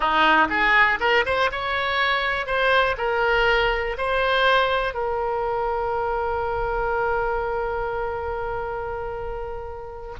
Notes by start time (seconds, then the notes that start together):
0.00 D#4
0.49 G#4
0.99 A#4
1.25 C5
1.51 C#5
2.46 C5
2.97 A#4
3.97 C5
4.94 A#4